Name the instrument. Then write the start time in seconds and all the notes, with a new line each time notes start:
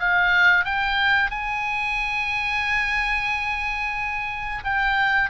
oboe
0.00 F5
0.65 G5
1.31 G#5
4.64 G5